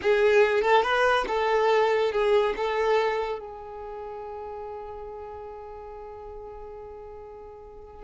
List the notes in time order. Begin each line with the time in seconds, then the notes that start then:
0.01 G#4
0.62 A4
0.82 B4
1.27 A4
2.12 G#4
2.56 A4
3.39 G#4